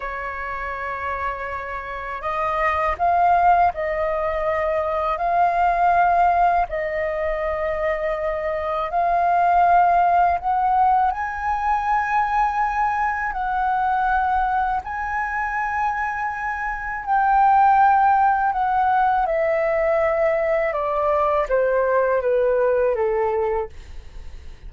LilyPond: \new Staff \with { instrumentName = "flute" } { \time 4/4 \tempo 4 = 81 cis''2. dis''4 | f''4 dis''2 f''4~ | f''4 dis''2. | f''2 fis''4 gis''4~ |
gis''2 fis''2 | gis''2. g''4~ | g''4 fis''4 e''2 | d''4 c''4 b'4 a'4 | }